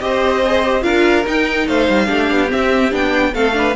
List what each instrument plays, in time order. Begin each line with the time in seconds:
0.00 cello C4, viola G4, violin C5 D#5
0.45 viola G#4
0.65 viola G4
0.81 cello D4, viola F4, violin A#4 F5
1.26 cello D#4, viola D#4, violin G5
1.67 cello A3, violin C5 F5
1.88 cello G3
2.06 cello A3, viola D4, violin G4
2.30 cello B3
2.47 viola C4, violin E5
2.53 cello C4
2.91 cello B3, viola D4, violin G5
3.34 cello A3, viola C4, violin A4 F5
3.53 viola D4, violin B4